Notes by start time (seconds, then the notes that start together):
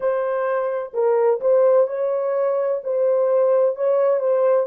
0.00 C5
0.93 A#4
1.41 C5
1.87 C#5
2.83 C5
3.75 C#5
4.19 C5